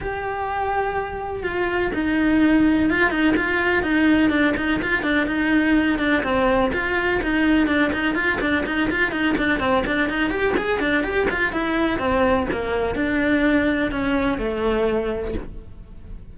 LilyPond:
\new Staff \with { instrumentName = "cello" } { \time 4/4 \tempo 4 = 125 g'2. f'4 | dis'2 f'8 dis'8 f'4 | dis'4 d'8 dis'8 f'8 d'8 dis'4~ | dis'8 d'8 c'4 f'4 dis'4 |
d'8 dis'8 f'8 d'8 dis'8 f'8 dis'8 d'8 | c'8 d'8 dis'8 g'8 gis'8 d'8 g'8 f'8 | e'4 c'4 ais4 d'4~ | d'4 cis'4 a2 | }